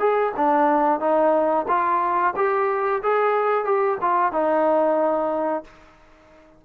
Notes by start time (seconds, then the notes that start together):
0.00 G#4
0.37 D4
1.00 D#4
1.68 F4
2.36 G4
3.03 G#4
3.65 G4
4.02 F4
4.33 D#4